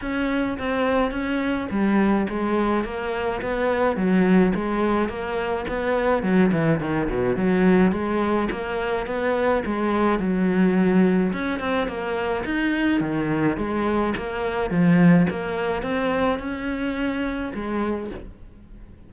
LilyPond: \new Staff \with { instrumentName = "cello" } { \time 4/4 \tempo 4 = 106 cis'4 c'4 cis'4 g4 | gis4 ais4 b4 fis4 | gis4 ais4 b4 fis8 e8 | dis8 b,8 fis4 gis4 ais4 |
b4 gis4 fis2 | cis'8 c'8 ais4 dis'4 dis4 | gis4 ais4 f4 ais4 | c'4 cis'2 gis4 | }